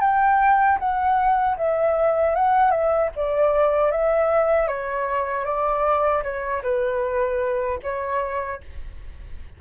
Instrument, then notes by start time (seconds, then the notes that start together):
flute
0.00 G5
0.79 F#5
1.57 E5
2.34 F#5
2.70 E5
3.15 D5
3.91 E5
4.67 C#5
5.44 D5
6.23 C#5
6.62 B4
7.82 C#5